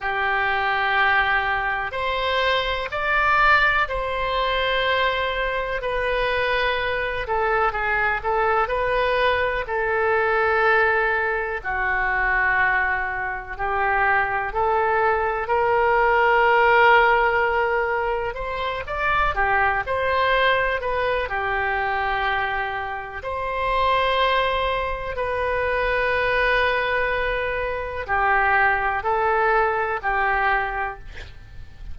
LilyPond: \new Staff \with { instrumentName = "oboe" } { \time 4/4 \tempo 4 = 62 g'2 c''4 d''4 | c''2 b'4. a'8 | gis'8 a'8 b'4 a'2 | fis'2 g'4 a'4 |
ais'2. c''8 d''8 | g'8 c''4 b'8 g'2 | c''2 b'2~ | b'4 g'4 a'4 g'4 | }